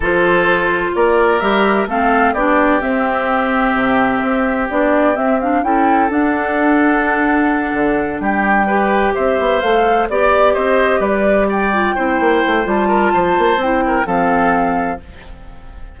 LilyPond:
<<
  \new Staff \with { instrumentName = "flute" } { \time 4/4 \tempo 4 = 128 c''2 d''4 e''4 | f''4 d''4 e''2~ | e''2 d''4 e''8 f''8 | g''4 fis''2.~ |
fis''4. g''2 e''8~ | e''8 f''4 d''4 dis''4 d''8~ | d''8 g''2~ g''8 a''4~ | a''4 g''4 f''2 | }
  \new Staff \with { instrumentName = "oboe" } { \time 4/4 a'2 ais'2 | a'4 g'2.~ | g'1 | a'1~ |
a'4. g'4 b'4 c''8~ | c''4. d''4 c''4 b'8~ | b'8 d''4 c''2 ais'8 | c''4. ais'8 a'2 | }
  \new Staff \with { instrumentName = "clarinet" } { \time 4/4 f'2. g'4 | c'4 d'4 c'2~ | c'2 d'4 c'8 d'8 | e'4 d'2.~ |
d'2~ d'8 g'4.~ | g'8 a'4 g'2~ g'8~ | g'4 f'8 e'4. f'4~ | f'4 e'4 c'2 | }
  \new Staff \with { instrumentName = "bassoon" } { \time 4/4 f2 ais4 g4 | a4 b4 c'2 | c4 c'4 b4 c'4 | cis'4 d'2.~ |
d'8 d4 g2 c'8 | b8 a4 b4 c'4 g8~ | g4. c'8 ais8 a8 g4 | f8 ais8 c'4 f2 | }
>>